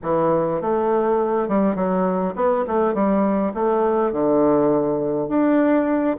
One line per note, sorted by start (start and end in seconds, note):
0.02 0.61 E3
0.61 1.48 A3
1.48 1.75 G3
1.75 2.34 F#3
2.35 2.64 B3
2.67 2.94 A3
2.94 3.53 G3
3.54 4.12 A3
4.12 5.28 D3
5.28 6.16 D4